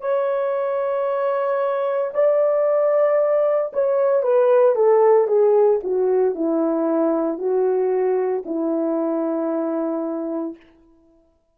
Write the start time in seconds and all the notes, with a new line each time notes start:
0.00 C#5
2.13 D5
3.73 C#5
4.22 B4
4.75 A4
5.27 G#4
5.83 F#4
6.34 E4
7.38 F#4
8.45 E4